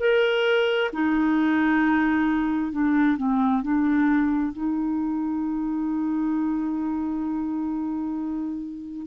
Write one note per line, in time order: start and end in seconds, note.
0.00 0.91 A#4
0.93 2.72 D#4
2.72 3.17 D4
3.17 3.62 C4
3.62 4.53 D4
4.53 9.07 D#4